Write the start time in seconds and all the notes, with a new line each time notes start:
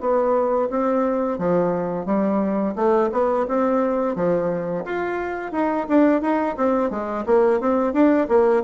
0.00 B3
0.70 C4
1.38 F3
2.05 G3
2.75 A3
3.12 B3
3.48 C4
4.15 F3
4.85 F4
5.52 D#4
5.88 D4
6.21 D#4
6.56 C4
6.90 G#3
7.26 A#3
7.60 C4
7.93 D4
8.28 A#3